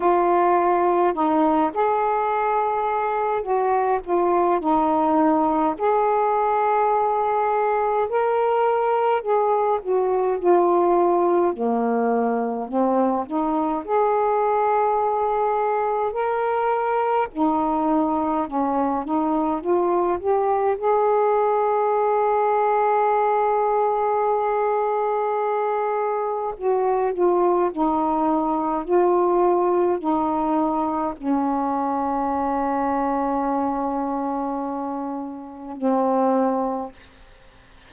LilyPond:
\new Staff \with { instrumentName = "saxophone" } { \time 4/4 \tempo 4 = 52 f'4 dis'8 gis'4. fis'8 f'8 | dis'4 gis'2 ais'4 | gis'8 fis'8 f'4 ais4 c'8 dis'8 | gis'2 ais'4 dis'4 |
cis'8 dis'8 f'8 g'8 gis'2~ | gis'2. fis'8 f'8 | dis'4 f'4 dis'4 cis'4~ | cis'2. c'4 | }